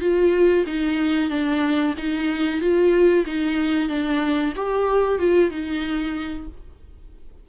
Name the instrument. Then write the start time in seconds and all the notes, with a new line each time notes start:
viola
0.00 F4
0.66 D#4
1.30 D4
1.97 D#4
2.60 F4
3.26 D#4
3.89 D4
4.56 G4
5.18 F4
5.50 D#4